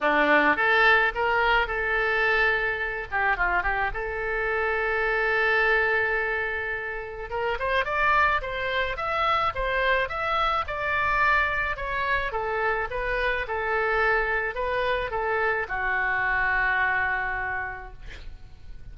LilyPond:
\new Staff \with { instrumentName = "oboe" } { \time 4/4 \tempo 4 = 107 d'4 a'4 ais'4 a'4~ | a'4. g'8 f'8 g'8 a'4~ | a'1~ | a'4 ais'8 c''8 d''4 c''4 |
e''4 c''4 e''4 d''4~ | d''4 cis''4 a'4 b'4 | a'2 b'4 a'4 | fis'1 | }